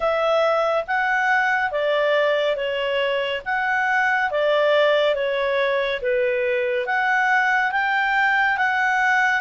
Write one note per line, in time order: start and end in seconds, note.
0.00 0.85 E5
0.87 1.71 F#5
1.71 2.56 D5
2.56 3.41 C#5
3.45 4.31 F#5
4.31 5.14 D5
5.14 6.00 C#5
6.01 6.86 B4
6.86 7.71 F#5
7.71 8.57 G5
8.57 9.41 F#5